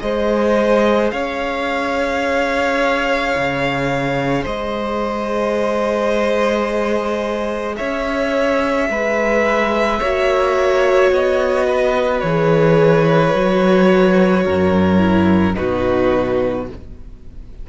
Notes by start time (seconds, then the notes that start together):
0.00 G#3 G#4 C5 D#5
1.11 C#4 C#5 F5
3.37 C#3
4.43 G#3 C5 D#5
7.77 C#4 C#5 E5
8.89 G#3 B4
10.00 A#3 F#4 C#5
11.11 B3 D#5
11.66 B4
12.20 E3 G#4 C#5
13.34 F#3 F#4
14.45 F#2 A#4
14.98 E4
15.55 B2 D#4 F#4 B4